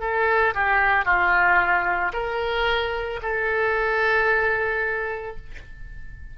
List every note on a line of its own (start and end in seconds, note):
0.00 0.54 A4
0.55 1.05 G4
1.05 2.12 F4
2.13 3.20 A#4
3.22 5.36 A4